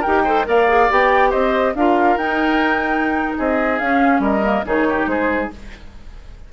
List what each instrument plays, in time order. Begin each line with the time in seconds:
0.00 clarinet G4, oboe A#4, flute G5
0.06 bassoon D#4
0.24 clarinet A4, oboe C5
0.45 bassoon A#3, clarinet A#4, oboe D5, flute F5
0.67 clarinet G#4
0.89 bassoon B3, clarinet G4, flute G5
1.30 bassoon C4, oboe C5, flute D#5
1.74 bassoon D4, clarinet F4, oboe A#4, flute F5
2.16 bassoon D#4, clarinet D#4, flute G5
3.37 bassoon C4, oboe G#4, flute D#5
3.79 bassoon C#4, clarinet C#4, flute F5
4.19 bassoon G3, oboe A#4, flute D#5
4.42 clarinet A#3
4.65 bassoon D#3, clarinet D#4, oboe G#4, flute C#5
4.89 oboe G4
5.06 bassoon G#3, oboe G#4, flute C5